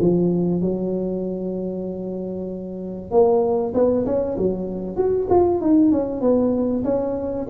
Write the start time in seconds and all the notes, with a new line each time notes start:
0.00 F3
0.61 F#3
3.11 A#3
3.74 B3
4.06 C#4
4.38 F#3
4.97 F#4
5.30 F4
5.61 D#4
5.92 C#4
6.21 B3
6.84 C#4